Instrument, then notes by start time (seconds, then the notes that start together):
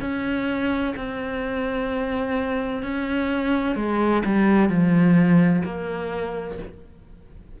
cello
0.00 C#4
0.96 C4
2.82 C#4
3.75 G#3
4.25 G3
4.69 F3
5.64 A#3